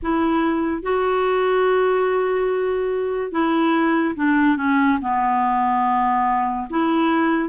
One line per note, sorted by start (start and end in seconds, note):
0.02 0.82 E4
0.82 3.31 F#4
3.31 4.14 E4
4.15 4.56 D4
4.56 4.98 C#4
5.01 6.68 B3
6.69 7.48 E4